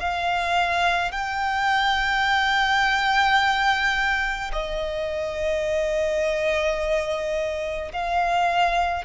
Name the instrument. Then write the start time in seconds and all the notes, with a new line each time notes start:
violin
0.00 F5
1.12 G5
4.52 D#5
7.93 F5